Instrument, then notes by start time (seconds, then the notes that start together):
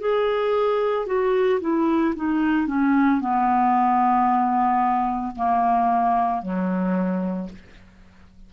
clarinet
0.00 G#4
1.06 F#4
1.61 E4
2.16 D#4
2.67 C#4
3.21 B3
5.36 A#3
6.42 F#3